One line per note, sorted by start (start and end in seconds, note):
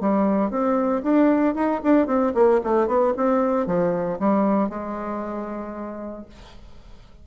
0.00 0.50 G3
0.50 1.02 C4
1.03 1.55 D4
1.55 1.81 D#4
1.83 2.07 D4
2.07 2.33 C4
2.34 2.60 A#3
2.63 2.87 A3
2.87 3.13 B3
3.17 3.66 C4
3.66 4.19 F3
4.19 4.69 G3
4.69 6.25 G#3